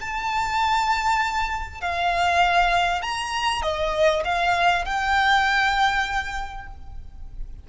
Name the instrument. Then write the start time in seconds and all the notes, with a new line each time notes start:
violin
0.00 A5
1.80 F5
3.01 A#5
3.62 D#5
4.24 F5
4.85 G5